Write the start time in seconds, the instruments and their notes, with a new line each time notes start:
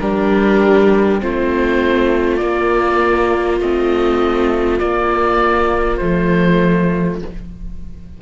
0.00 cello G3, viola D4 G4, oboe A#4
1.20 cello A3, viola C4 F4, oboe C5
2.37 viola A#3, cello A#3, oboe D5
3.60 cello A3, viola C4, oboe D#5
4.79 viola A#3, cello A#3, oboe D5
5.97 cello F3, viola A3, oboe C5